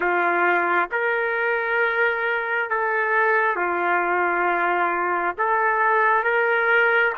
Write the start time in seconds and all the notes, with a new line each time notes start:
0.00 F4
0.91 A#4
2.69 A4
3.56 F4
5.38 A4
6.23 A#4